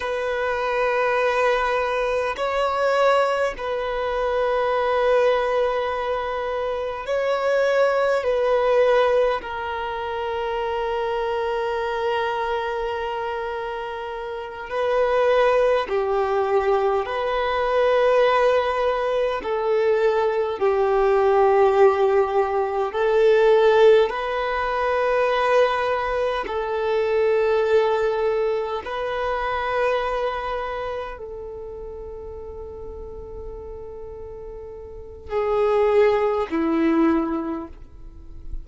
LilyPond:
\new Staff \with { instrumentName = "violin" } { \time 4/4 \tempo 4 = 51 b'2 cis''4 b'4~ | b'2 cis''4 b'4 | ais'1~ | ais'8 b'4 g'4 b'4.~ |
b'8 a'4 g'2 a'8~ | a'8 b'2 a'4.~ | a'8 b'2 a'4.~ | a'2 gis'4 e'4 | }